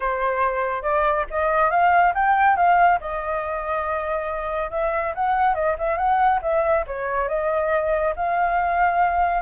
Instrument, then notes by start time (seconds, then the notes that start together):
flute
0.00 C5
0.82 D5
1.30 D#5
1.70 F5
2.14 G5
2.56 F5
3.00 D#5
4.70 E5
5.14 F#5
5.54 D#5
5.78 E5
5.97 F#5
6.42 E5
6.86 C#5
7.28 D#5
8.15 F5